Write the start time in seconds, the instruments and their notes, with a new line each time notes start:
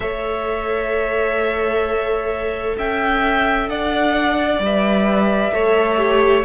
0.00 cello A3, viola A4, violin C#5 E5
2.77 cello C#4, violin E5 G5
3.68 cello D4, violin D5 F#5
4.59 cello G3, viola B4
4.65 violin E5
5.52 cello A3, viola A4, violin C#5
5.97 viola G4